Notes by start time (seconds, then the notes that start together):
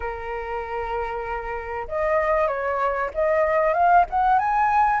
0.00 A#4
1.88 D#5
2.47 C#5
3.14 D#5
3.73 F5
4.10 F#5
4.38 G#5